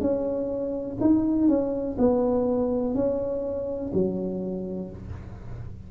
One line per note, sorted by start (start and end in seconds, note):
0.00 0.97 C#4
1.00 1.48 D#4
1.48 1.96 C#4
1.98 2.94 B3
2.94 3.91 C#4
3.93 4.90 F#3